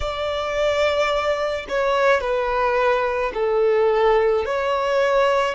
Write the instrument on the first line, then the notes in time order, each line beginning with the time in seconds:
violin
0.00 D5
1.69 C#5
2.20 B4
3.34 A4
4.44 C#5